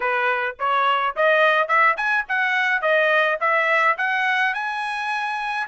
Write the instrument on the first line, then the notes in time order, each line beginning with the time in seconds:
trumpet
0.00 B4
0.59 C#5
1.16 D#5
1.67 E5
1.97 G#5
2.28 F#5
2.81 D#5
3.40 E5
3.97 F#5
4.53 G#5